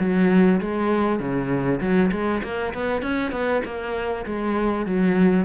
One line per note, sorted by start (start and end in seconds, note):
0.00 0.61 F#3
0.61 1.20 G#3
1.20 1.80 C#3
1.80 2.11 F#3
2.12 2.42 G#3
2.43 2.74 A#3
2.74 3.02 B3
3.02 3.32 C#4
3.32 3.62 B3
3.65 4.26 A#3
4.26 4.86 G#3
4.86 5.45 F#3